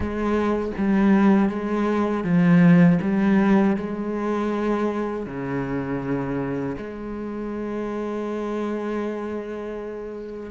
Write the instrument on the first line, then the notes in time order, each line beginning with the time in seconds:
cello
0.00 G#3
0.77 G3
1.49 G#3
2.24 F3
3.01 G3
3.76 G#3
5.25 C#3
6.77 G#3